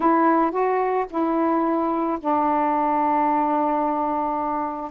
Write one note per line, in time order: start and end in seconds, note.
0.00 0.51 E4
0.51 1.05 F#4
1.09 2.18 E4
2.20 4.90 D4